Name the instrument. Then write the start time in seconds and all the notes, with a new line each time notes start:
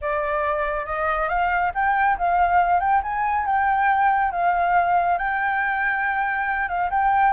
flute
0.01 D5
0.85 D#5
1.28 F5
1.74 G5
2.18 F5
2.80 G5
3.02 G#5
3.45 G5
4.31 F5
5.18 G5
6.68 F5
6.90 G5